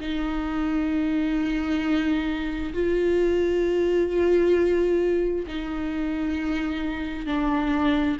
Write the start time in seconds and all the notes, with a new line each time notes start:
0.00 D#4
2.73 F4
5.47 D#4
7.26 D4